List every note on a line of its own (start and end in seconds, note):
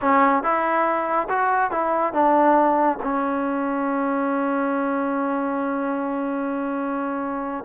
0.01 0.43 C#4
0.43 1.28 E4
1.29 1.71 F#4
1.71 2.13 E4
2.13 2.98 D4
3.03 7.64 C#4